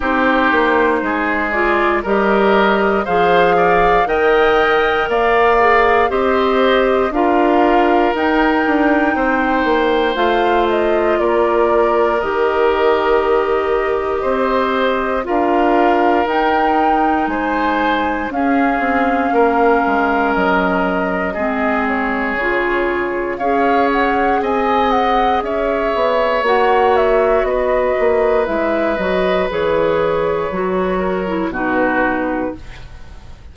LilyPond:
<<
  \new Staff \with { instrumentName = "flute" } { \time 4/4 \tempo 4 = 59 c''4. d''8 dis''4 f''4 | g''4 f''4 dis''4 f''4 | g''2 f''8 dis''8 d''4 | dis''2. f''4 |
g''4 gis''4 f''2 | dis''4. cis''4. f''8 fis''8 | gis''8 fis''8 e''4 fis''8 e''8 dis''4 | e''8 dis''8 cis''2 b'4 | }
  \new Staff \with { instrumentName = "oboe" } { \time 4/4 g'4 gis'4 ais'4 c''8 d''8 | dis''4 d''4 c''4 ais'4~ | ais'4 c''2 ais'4~ | ais'2 c''4 ais'4~ |
ais'4 c''4 gis'4 ais'4~ | ais'4 gis'2 cis''4 | dis''4 cis''2 b'4~ | b'2~ b'8 ais'8 fis'4 | }
  \new Staff \with { instrumentName = "clarinet" } { \time 4/4 dis'4. f'8 g'4 gis'4 | ais'4. gis'8 g'4 f'4 | dis'2 f'2 | g'2. f'4 |
dis'2 cis'2~ | cis'4 c'4 f'4 gis'4~ | gis'2 fis'2 | e'8 fis'8 gis'4 fis'8. e'16 dis'4 | }
  \new Staff \with { instrumentName = "bassoon" } { \time 4/4 c'8 ais8 gis4 g4 f4 | dis4 ais4 c'4 d'4 | dis'8 d'8 c'8 ais8 a4 ais4 | dis2 c'4 d'4 |
dis'4 gis4 cis'8 c'8 ais8 gis8 | fis4 gis4 cis4 cis'4 | c'4 cis'8 b8 ais4 b8 ais8 | gis8 fis8 e4 fis4 b,4 | }
>>